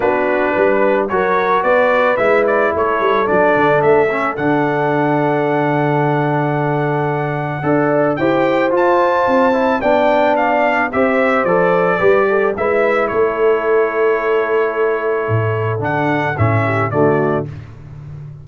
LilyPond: <<
  \new Staff \with { instrumentName = "trumpet" } { \time 4/4 \tempo 4 = 110 b'2 cis''4 d''4 | e''8 d''8 cis''4 d''4 e''4 | fis''1~ | fis''2. g''4 |
a''2 g''4 f''4 | e''4 d''2 e''4 | cis''1~ | cis''4 fis''4 e''4 d''4 | }
  \new Staff \with { instrumentName = "horn" } { \time 4/4 fis'4 b'4 ais'4 b'4~ | b'4 a'2.~ | a'1~ | a'2 d''4 c''4~ |
c''2 d''2 | c''2 b'8 a'8 b'4 | a'1~ | a'2~ a'8 g'8 fis'4 | }
  \new Staff \with { instrumentName = "trombone" } { \time 4/4 d'2 fis'2 | e'2 d'4. cis'8 | d'1~ | d'2 a'4 g'4 |
f'4. e'8 d'2 | g'4 a'4 g'4 e'4~ | e'1~ | e'4 d'4 cis'4 a4 | }
  \new Staff \with { instrumentName = "tuba" } { \time 4/4 b4 g4 fis4 b4 | gis4 a8 g8 fis8 d8 a4 | d1~ | d2 d'4 e'4 |
f'4 c'4 b2 | c'4 f4 g4 gis4 | a1 | a,4 d4 a,4 d4 | }
>>